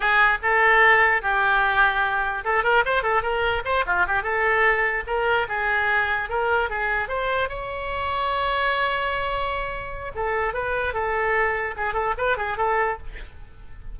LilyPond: \new Staff \with { instrumentName = "oboe" } { \time 4/4 \tempo 4 = 148 gis'4 a'2 g'4~ | g'2 a'8 ais'8 c''8 a'8 | ais'4 c''8 f'8 g'8 a'4.~ | a'8 ais'4 gis'2 ais'8~ |
ais'8 gis'4 c''4 cis''4.~ | cis''1~ | cis''4 a'4 b'4 a'4~ | a'4 gis'8 a'8 b'8 gis'8 a'4 | }